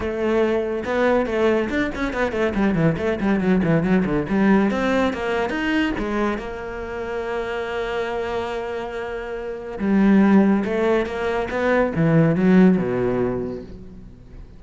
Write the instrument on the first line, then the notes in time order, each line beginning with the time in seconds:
cello
0.00 A3
0.84 B3
1.26 A3
1.69 D4
1.95 C#4
2.13 B3
2.32 A3
2.55 G3
2.74 E3
2.97 A3
3.20 G3
3.40 F#3
3.63 E3
3.83 F#3
4.05 D3
4.29 G3
4.70 C4
5.13 A#3
5.49 D#4
5.98 G#3
6.37 A#3
9.79 G3
10.65 A3
11.06 A#3
11.50 B3
11.95 E3
12.35 F#3
12.77 B2